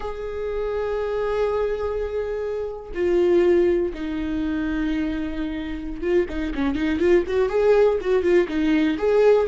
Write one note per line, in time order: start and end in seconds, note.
0.00 2.92 G#4
2.94 3.93 F4
3.93 6.01 D#4
6.01 6.26 F4
6.29 6.53 D#4
6.55 6.75 C#4
6.75 6.99 D#4
6.99 7.24 F4
7.27 7.49 F#4
7.49 7.98 G#4
8.00 8.22 F#4
8.22 8.47 F4
8.48 8.97 D#4
8.98 9.47 G#4